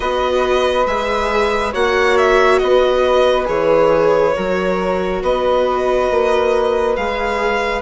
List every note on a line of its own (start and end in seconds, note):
0.00 0.85 B3
0.00 0.86 F#4
0.00 1.72 B4
0.00 0.86 D#5
0.86 1.73 G#3
0.86 1.73 G#4
0.86 1.73 E5
1.72 2.61 A#3
1.72 3.44 F#4
1.72 2.59 C#5
1.72 2.17 F#5
2.17 2.58 E5
2.58 3.48 B3
2.58 4.35 B4
2.58 3.45 D#5
3.44 4.35 E3
3.44 4.31 G#4
3.44 5.22 C#5
4.35 5.22 F#3
4.35 6.96 F#4
4.35 5.22 A#4
5.22 6.09 B3
5.22 7.81 B4
5.22 6.95 D#5
6.10 6.97 A#3
6.95 7.81 G#3
6.95 7.81 G#4
6.95 7.81 F5